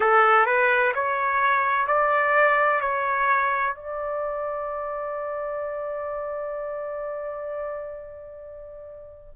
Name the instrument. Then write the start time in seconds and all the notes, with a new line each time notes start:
trumpet
0.00 A4
0.46 B4
0.94 C#5
1.87 D5
2.80 C#5
3.75 D5